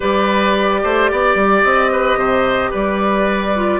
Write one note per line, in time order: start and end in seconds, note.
0.00 0.83 G3
0.00 3.53 G4
0.00 0.80 B4
0.00 1.62 D5
0.83 1.11 A3
0.83 1.10 C5
1.11 1.34 B3
1.11 1.92 D5
1.34 1.62 G3
1.62 2.15 C4
1.62 2.72 D#5
1.92 2.18 B4
2.15 2.69 C3
2.15 2.70 C5
2.70 3.79 G3
2.70 3.79 B4
2.70 3.79 D5
3.55 3.79 F4